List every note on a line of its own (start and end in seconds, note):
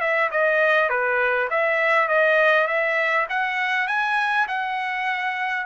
0.00 0.30 E5
0.31 0.89 D#5
0.89 1.49 B4
1.50 2.08 E5
2.08 2.67 D#5
2.67 3.27 E5
3.29 3.87 F#5
3.87 4.47 G#5
4.48 5.66 F#5